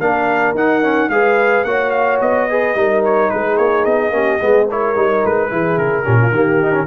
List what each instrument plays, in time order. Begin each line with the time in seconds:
0.00 tuba A#3, trombone D4, horn A#4, trumpet F5
0.55 tuba D#4, trombone D#4, trumpet F#5
0.83 trombone C#4
1.09 tuba G#3, trombone G#4, horn B4, trumpet F5
1.65 tuba A#3, trombone F#4, horn C#5, trumpet F#5
1.91 trumpet F5
2.21 tuba B3, trumpet D#5
2.50 trombone G#4, horn B4
2.75 tuba G3, trombone D#4, horn A#4
3.05 trumpet C#5
3.30 tuba G#3, horn G#4, trumpet B4
3.57 tuba A#3, trumpet C#5
3.85 tuba B3, trumpet D#5
4.11 tuba A#3, trombone C#4, horn G4
4.41 tuba G#3, trombone B3, horn G#4
4.68 trombone E4, horn A#4, trumpet C#5
4.96 tuba G3, trombone D#4
5.25 tuba G#3, trumpet B4
5.50 tuba E3, trombone E4, horn G#4
5.77 tuba C#3, trumpet A#4
6.04 tuba A#2, trombone C#4, horn G4
6.22 horn F4
6.31 tuba D#3, trombone A#3, horn G4
6.63 trombone D#4
6.73 trombone C#4